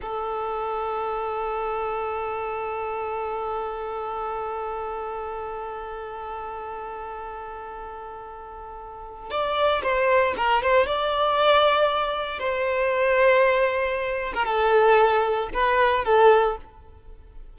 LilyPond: \new Staff \with { instrumentName = "violin" } { \time 4/4 \tempo 4 = 116 a'1~ | a'1~ | a'1~ | a'1~ |
a'2 d''4 c''4 | ais'8 c''8 d''2. | c''2.~ c''8. ais'16 | a'2 b'4 a'4 | }